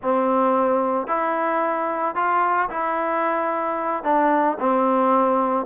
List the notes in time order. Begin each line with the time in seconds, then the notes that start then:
0.02 C4
1.07 E4
2.15 F4
2.69 E4
4.03 D4
4.59 C4